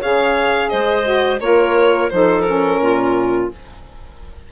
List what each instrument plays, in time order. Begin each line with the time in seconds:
0.00 bassoon C#3, saxophone G#4, clarinet C#5, violin F5
0.69 bassoon G#3, clarinet C5, violin D#5
1.03 saxophone F#4
1.39 bassoon A#3, saxophone F4, clarinet A#4, violin C#5
2.10 bassoon F3, saxophone D#4, clarinet A4, violin C5
2.41 saxophone C#4, violin A#4
2.80 bassoon A#2, clarinet F4